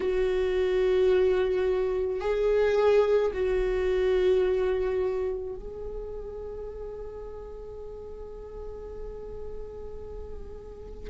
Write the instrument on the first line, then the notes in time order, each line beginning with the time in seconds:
viola
0.00 F#4
2.20 G#4
3.33 F#4
5.56 G#4